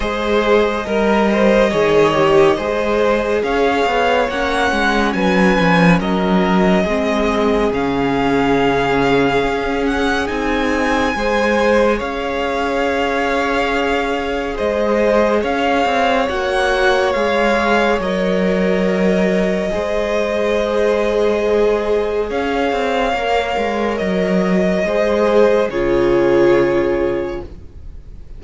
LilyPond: <<
  \new Staff \with { instrumentName = "violin" } { \time 4/4 \tempo 4 = 70 dis''1 | f''4 fis''4 gis''4 dis''4~ | dis''4 f''2~ f''8 fis''8 | gis''2 f''2~ |
f''4 dis''4 f''4 fis''4 | f''4 dis''2.~ | dis''2 f''2 | dis''2 cis''2 | }
  \new Staff \with { instrumentName = "violin" } { \time 4/4 c''4 ais'8 c''8 cis''4 c''4 | cis''2 b'4 ais'4 | gis'1~ | gis'4 c''4 cis''2~ |
cis''4 c''4 cis''2~ | cis''2. c''4~ | c''2 cis''2~ | cis''4 c''4 gis'2 | }
  \new Staff \with { instrumentName = "viola" } { \time 4/4 gis'4 ais'4 gis'8 g'8 gis'4~ | gis'4 cis'2. | c'4 cis'2. | dis'4 gis'2.~ |
gis'2. fis'4 | gis'4 ais'2 gis'4~ | gis'2. ais'4~ | ais'4 gis'4 f'2 | }
  \new Staff \with { instrumentName = "cello" } { \time 4/4 gis4 g4 dis4 gis4 | cis'8 b8 ais8 gis8 fis8 f8 fis4 | gis4 cis2 cis'4 | c'4 gis4 cis'2~ |
cis'4 gis4 cis'8 c'8 ais4 | gis4 fis2 gis4~ | gis2 cis'8 c'8 ais8 gis8 | fis4 gis4 cis2 | }
>>